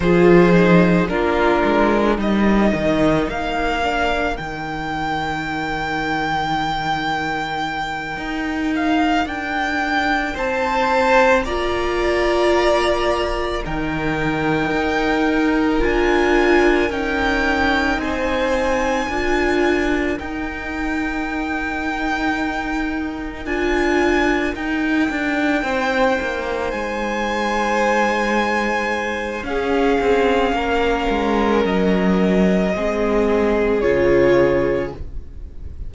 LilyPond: <<
  \new Staff \with { instrumentName = "violin" } { \time 4/4 \tempo 4 = 55 c''4 ais'4 dis''4 f''4 | g''1 | f''8 g''4 a''4 ais''4.~ | ais''8 g''2 gis''4 g''8~ |
g''8 gis''2 g''4.~ | g''4. gis''4 g''4.~ | g''8 gis''2~ gis''8 f''4~ | f''4 dis''2 cis''4 | }
  \new Staff \with { instrumentName = "violin" } { \time 4/4 gis'4 f'4 ais'2~ | ais'1~ | ais'4. c''4 d''4.~ | d''8 ais'2.~ ais'8~ |
ais'8 c''4 ais'2~ ais'8~ | ais'2.~ ais'8 c''8~ | c''2. gis'4 | ais'2 gis'2 | }
  \new Staff \with { instrumentName = "viola" } { \time 4/4 f'8 dis'8 d'4 dis'4. d'8 | dis'1~ | dis'2~ dis'8 f'4.~ | f'8 dis'2 f'4 dis'8~ |
dis'4. f'4 dis'4.~ | dis'4. f'4 dis'4.~ | dis'2. cis'4~ | cis'2 c'4 f'4 | }
  \new Staff \with { instrumentName = "cello" } { \time 4/4 f4 ais8 gis8 g8 dis8 ais4 | dis2.~ dis8 dis'8~ | dis'8 d'4 c'4 ais4.~ | ais8 dis4 dis'4 d'4 cis'8~ |
cis'8 c'4 d'4 dis'4.~ | dis'4. d'4 dis'8 d'8 c'8 | ais8 gis2~ gis8 cis'8 c'8 | ais8 gis8 fis4 gis4 cis4 | }
>>